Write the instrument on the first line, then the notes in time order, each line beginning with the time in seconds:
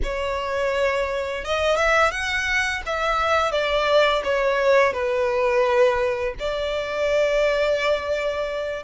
violin
0.03 C#5
1.44 D#5
1.76 E5
2.11 F#5
2.86 E5
3.51 D5
4.24 C#5
4.93 B4
6.39 D5